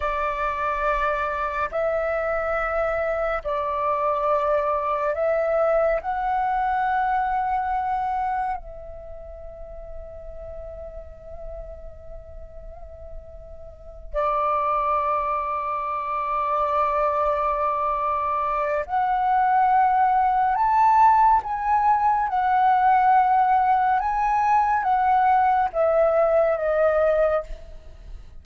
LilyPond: \new Staff \with { instrumentName = "flute" } { \time 4/4 \tempo 4 = 70 d''2 e''2 | d''2 e''4 fis''4~ | fis''2 e''2~ | e''1~ |
e''8 d''2.~ d''8~ | d''2 fis''2 | a''4 gis''4 fis''2 | gis''4 fis''4 e''4 dis''4 | }